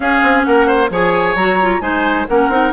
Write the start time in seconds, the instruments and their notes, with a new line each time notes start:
0.00 bassoon C#4, clarinet C#4, oboe G#4, flute F5
0.22 bassoon C4
0.43 bassoon A#3, oboe A#4, flute F#5
0.67 oboe C5
0.90 bassoon F3, clarinet G#4, oboe C#5, flute G#5
1.35 bassoon F#3, clarinet F#4, flute A#5
1.61 clarinet F4
1.80 bassoon G#3, clarinet D#4, oboe C5, flute G#5
2.28 bassoon A#3, clarinet C#4, oboe A#4, flute F#5
2.48 bassoon C4, clarinet D#4